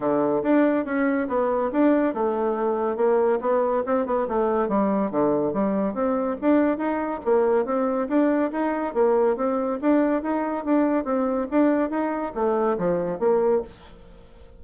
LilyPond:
\new Staff \with { instrumentName = "bassoon" } { \time 4/4 \tempo 4 = 141 d4 d'4 cis'4 b4 | d'4 a2 ais4 | b4 c'8 b8 a4 g4 | d4 g4 c'4 d'4 |
dis'4 ais4 c'4 d'4 | dis'4 ais4 c'4 d'4 | dis'4 d'4 c'4 d'4 | dis'4 a4 f4 ais4 | }